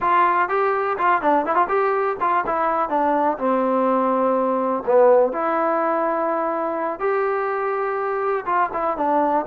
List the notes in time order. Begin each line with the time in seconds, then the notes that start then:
0.00 F4
0.48 G4
0.98 F4
1.21 D4
1.45 E4
1.55 F4
1.68 G4
2.20 F4
2.46 E4
2.89 D4
3.38 C4
4.86 B3
5.32 E4
6.99 G4
8.45 F4
8.73 E4
8.97 D4